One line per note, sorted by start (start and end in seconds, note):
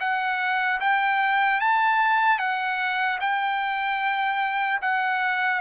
0.00 0.80 F#5
0.80 1.60 G5
1.60 2.39 A5
2.39 3.19 F#5
3.20 4.80 G5
4.82 5.61 F#5